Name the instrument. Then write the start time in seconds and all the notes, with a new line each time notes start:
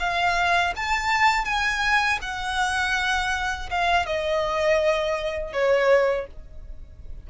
violin
0.00 F5
0.77 A5
1.45 G#5
2.22 F#5
3.71 F5
4.07 D#5
5.53 C#5